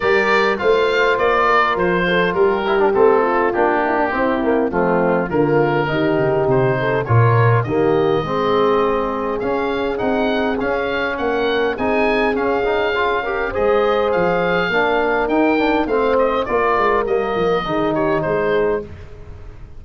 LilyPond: <<
  \new Staff \with { instrumentName = "oboe" } { \time 4/4 \tempo 4 = 102 d''4 f''4 d''4 c''4 | ais'4 a'4 g'2 | f'4 ais'2 c''4 | cis''4 dis''2. |
f''4 fis''4 f''4 fis''4 | gis''4 f''2 dis''4 | f''2 g''4 f''8 dis''8 | d''4 dis''4. cis''8 c''4 | }
  \new Staff \with { instrumentName = "horn" } { \time 4/4 ais'4 c''4. ais'4 a'8 | g'4. f'4 e'16 d'16 e'4 | c'4 f'4 g'4. a'8 | ais'4 g'4 gis'2~ |
gis'2. ais'4 | gis'2~ gis'8 ais'8 c''4~ | c''4 ais'2 c''4 | ais'2 gis'8 g'8 gis'4 | }
  \new Staff \with { instrumentName = "trombone" } { \time 4/4 g'4 f'2.~ | f'8 e'16 d'16 c'4 d'4 c'8 ais8 | a4 ais4 dis'2 | f'4 ais4 c'2 |
cis'4 dis'4 cis'2 | dis'4 cis'8 dis'8 f'8 g'8 gis'4~ | gis'4 d'4 dis'8 d'8 c'4 | f'4 ais4 dis'2 | }
  \new Staff \with { instrumentName = "tuba" } { \time 4/4 g4 a4 ais4 f4 | g4 a4 ais4 c'4 | f4 d4 dis8 cis8 c4 | ais,4 dis4 gis2 |
cis'4 c'4 cis'4 ais4 | c'4 cis'2 gis4 | f4 ais4 dis'4 a4 | ais8 gis8 g8 f8 dis4 gis4 | }
>>